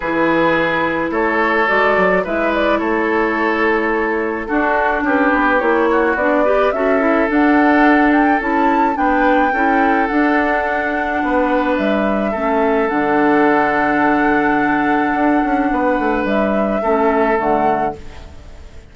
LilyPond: <<
  \new Staff \with { instrumentName = "flute" } { \time 4/4 \tempo 4 = 107 b'2 cis''4 d''4 | e''8 d''8 cis''2. | a'4 b'4 cis''4 d''4 | e''4 fis''4. g''8 a''4 |
g''2 fis''2~ | fis''4 e''2 fis''4~ | fis''1~ | fis''4 e''2 fis''4 | }
  \new Staff \with { instrumentName = "oboe" } { \time 4/4 gis'2 a'2 | b'4 a'2. | fis'4 g'4. fis'4 b'8 | a'1 |
b'4 a'2. | b'2 a'2~ | a'1 | b'2 a'2 | }
  \new Staff \with { instrumentName = "clarinet" } { \time 4/4 e'2. fis'4 | e'1 | d'2 e'4 d'8 g'8 | fis'8 e'8 d'2 e'4 |
d'4 e'4 d'2~ | d'2 cis'4 d'4~ | d'1~ | d'2 cis'4 a4 | }
  \new Staff \with { instrumentName = "bassoon" } { \time 4/4 e2 a4 gis8 fis8 | gis4 a2. | d'4 cis'8 b8 ais4 b4 | cis'4 d'2 cis'4 |
b4 cis'4 d'2 | b4 g4 a4 d4~ | d2. d'8 cis'8 | b8 a8 g4 a4 d4 | }
>>